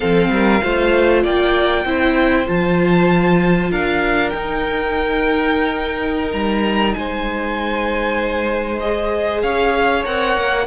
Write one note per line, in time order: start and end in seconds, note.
0.00 0.29 F3
0.00 0.61 C4
0.00 0.29 A4
0.00 1.22 F5
0.29 0.60 G3
0.29 0.63 A#4
0.63 1.24 A3
0.63 1.86 F4
0.63 1.22 C5
1.22 1.84 A#3
1.22 1.84 D5
1.22 2.47 G5
1.84 2.46 C4
1.84 2.46 E4
1.84 3.70 C5
2.46 3.71 F3
2.46 4.32 F4
2.46 3.71 A5
3.70 4.33 D4
3.70 6.95 A#4
3.70 4.29 F5
4.29 8.81 D#4
4.29 6.33 D#4
4.29 6.30 G5
6.32 6.95 G3
6.32 6.93 A#5
6.93 9.43 G#3
6.93 9.43 C5
6.93 8.79 G#5
8.79 10.04 G#4
8.79 9.41 D#5
9.41 10.05 C#4
9.41 10.66 C#5
9.41 10.03 F5
10.04 10.36 C4
10.04 10.66 A#4
10.04 10.67 F#5
10.37 10.67 A#3